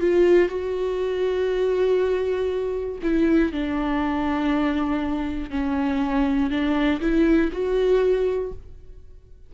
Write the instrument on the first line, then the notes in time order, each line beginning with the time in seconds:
viola
0.00 F4
0.49 F#4
3.02 E4
3.52 D4
5.50 C#4
6.50 D4
7.00 E4
7.52 F#4